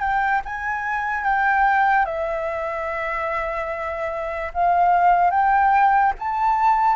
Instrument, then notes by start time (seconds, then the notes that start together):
flute
0.00 G5
0.45 G#5
1.23 G5
2.05 E5
4.54 F5
5.30 G5
6.18 A5